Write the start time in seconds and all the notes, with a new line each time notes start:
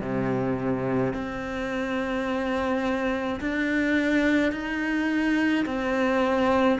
0.00 C3
1.13 C4
3.40 D4
4.52 D#4
5.66 C4